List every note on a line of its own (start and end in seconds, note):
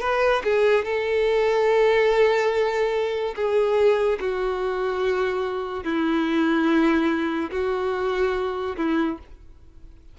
0.00 0.42 B4
0.44 0.84 G#4
0.84 3.34 A4
3.35 4.19 G#4
4.20 5.84 F#4
5.84 7.50 E4
7.51 8.76 F#4
8.77 9.18 E4